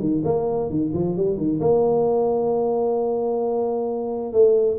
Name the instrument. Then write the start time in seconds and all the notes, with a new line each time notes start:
tuba
0.00 D#3
0.24 A#3
0.70 D#3
0.94 F3
1.16 G3
1.37 D#3
1.60 A#3
4.33 A3